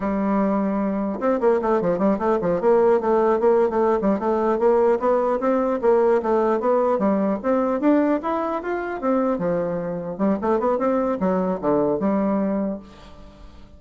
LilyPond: \new Staff \with { instrumentName = "bassoon" } { \time 4/4 \tempo 4 = 150 g2. c'8 ais8 | a8 f8 g8 a8 f8 ais4 a8~ | a8 ais8. a8. g8 a4 ais8~ | ais8 b4 c'4 ais4 a8~ |
a8 b4 g4 c'4 d'8~ | d'8 e'4 f'4 c'4 f8~ | f4. g8 a8 b8 c'4 | fis4 d4 g2 | }